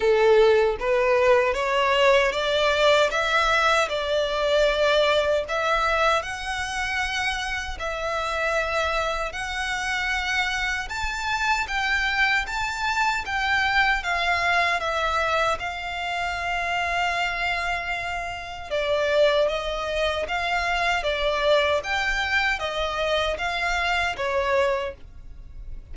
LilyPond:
\new Staff \with { instrumentName = "violin" } { \time 4/4 \tempo 4 = 77 a'4 b'4 cis''4 d''4 | e''4 d''2 e''4 | fis''2 e''2 | fis''2 a''4 g''4 |
a''4 g''4 f''4 e''4 | f''1 | d''4 dis''4 f''4 d''4 | g''4 dis''4 f''4 cis''4 | }